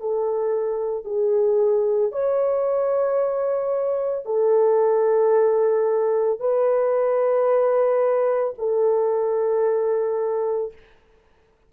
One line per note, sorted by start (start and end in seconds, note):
0.00 1.05 A4
1.05 2.12 G#4
2.12 4.26 C#5
4.26 6.39 A4
6.39 8.54 B4
8.58 10.72 A4